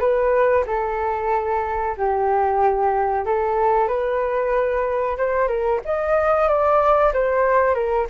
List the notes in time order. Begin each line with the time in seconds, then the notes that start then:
0.00 B4
0.67 A4
1.97 G4
3.26 A4
3.88 B4
5.18 C5
5.48 A#4
5.85 D#5
6.48 D5
7.14 C5
7.75 A#4